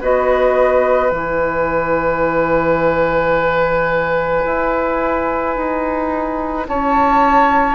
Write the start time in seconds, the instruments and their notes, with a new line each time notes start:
0.00 bassoon B3, clarinet F#4, oboe B4, flute D#5
1.09 bassoon E3, clarinet E4, flute G#5
4.45 bassoon E4
5.56 bassoon D#4
6.68 bassoon C#4, oboe C#5, flute A5